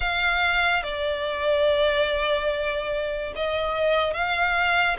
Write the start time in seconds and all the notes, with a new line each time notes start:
0.00 F5
0.83 D5
3.35 D#5
4.13 F5